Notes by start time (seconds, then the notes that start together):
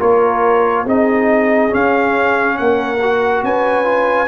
0.00 A#3 F4 A#4 C#5
0.84 C4 D#4 G#4 D#5
1.70 C#4 F5
2.58 A#3 A#4 F#5
3.03 F#4
3.43 C#4 B4 G#5
3.85 F4